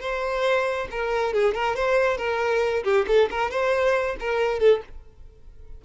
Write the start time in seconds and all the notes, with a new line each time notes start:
0.00 C5
0.91 A#4
1.33 G#4
1.54 A#4
1.76 C5
2.17 A#4
2.84 G4
3.08 A4
3.30 A#4
3.50 C5
4.19 A#4
4.59 A4